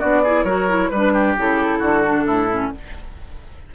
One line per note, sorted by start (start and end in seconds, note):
0.00 0.44 B3
0.00 0.25 D4
0.00 0.23 F#4
0.00 0.45 D5
0.24 0.48 E4
0.24 0.45 G#4
0.44 0.90 F#3
0.44 0.69 F#4
0.44 0.90 A#4
0.44 0.90 C#5
0.69 0.92 E4
0.90 1.36 G3
0.90 1.35 B4
0.90 1.13 B4
0.96 1.38 D4
1.13 1.79 G4
1.38 1.81 C#3
1.38 2.05 E4
1.38 2.75 A4
1.79 2.26 D3
1.79 2.24 F#4
2.05 2.50 D4
2.26 2.71 A2
2.26 2.72 E4
2.50 2.73 C#4